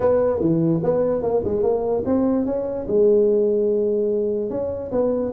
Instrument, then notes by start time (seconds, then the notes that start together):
tuba
0.00 B3
0.40 E3
0.83 B3
1.22 A#3
1.44 G#3
1.62 A#3
2.05 C4
2.45 C#4
2.87 G#3
4.50 C#4
4.91 B3